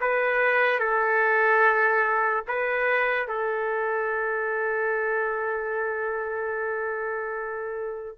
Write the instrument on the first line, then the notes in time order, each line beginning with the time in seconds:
trumpet
0.00 B4
0.79 A4
2.47 B4
3.27 A4